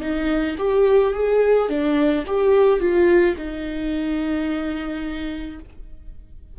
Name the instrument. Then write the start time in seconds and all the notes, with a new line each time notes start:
viola
0.00 D#4
0.58 G4
1.13 G#4
1.68 D4
2.26 G4
2.79 F4
3.36 D#4